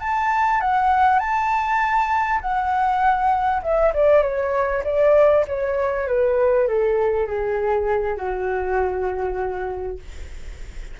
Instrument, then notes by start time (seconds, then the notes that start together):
flute
0.00 A5
0.60 F#5
1.19 A5
2.41 F#5
3.62 E5
3.94 D5
4.22 C#5
4.84 D5
5.47 C#5
6.07 B4
6.67 A4
7.26 G#4
8.17 F#4